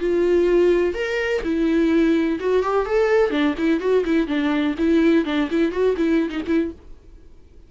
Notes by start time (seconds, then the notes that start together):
0.00 F4
0.94 A#4
1.44 E4
2.40 F#4
2.63 G4
2.86 A4
3.31 D4
3.58 E4
3.80 F#4
4.05 E4
4.27 D4
4.78 E4
5.25 D4
5.51 E4
5.72 F#4
5.97 E4
6.30 D#4
6.47 E4